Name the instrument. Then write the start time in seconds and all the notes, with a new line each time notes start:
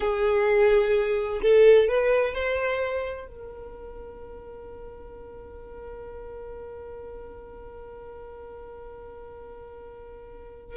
violin
0.00 G#4
1.42 A4
1.88 B4
2.34 C5
3.27 A#4